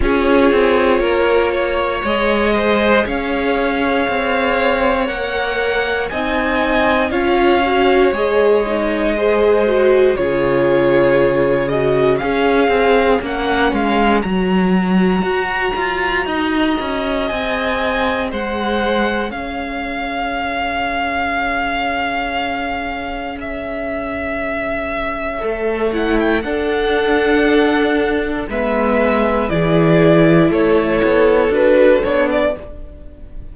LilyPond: <<
  \new Staff \with { instrumentName = "violin" } { \time 4/4 \tempo 4 = 59 cis''2 dis''4 f''4~ | f''4 fis''4 gis''4 f''4 | dis''2 cis''4. dis''8 | f''4 fis''8 f''8 ais''2~ |
ais''4 gis''4 fis''4 f''4~ | f''2. e''4~ | e''4. fis''16 g''16 fis''2 | e''4 d''4 cis''4 b'8 cis''16 d''16 | }
  \new Staff \with { instrumentName = "violin" } { \time 4/4 gis'4 ais'8 cis''4 c''8 cis''4~ | cis''2 dis''4 cis''4~ | cis''4 c''4 gis'2 | cis''1 |
dis''2 c''4 cis''4~ | cis''1~ | cis''2 a'2 | b'4 gis'4 a'2 | }
  \new Staff \with { instrumentName = "viola" } { \time 4/4 f'2 gis'2~ | gis'4 ais'4 dis'4 f'8 fis'8 | gis'8 dis'8 gis'8 fis'8 f'4. fis'8 | gis'4 cis'4 fis'2~ |
fis'4 gis'2.~ | gis'1~ | gis'4 a'8 e'8 d'2 | b4 e'2 fis'8 d'8 | }
  \new Staff \with { instrumentName = "cello" } { \time 4/4 cis'8 c'8 ais4 gis4 cis'4 | c'4 ais4 c'4 cis'4 | gis2 cis2 | cis'8 c'8 ais8 gis8 fis4 fis'8 f'8 |
dis'8 cis'8 c'4 gis4 cis'4~ | cis'1~ | cis'4 a4 d'2 | gis4 e4 a8 b8 d'8 b8 | }
>>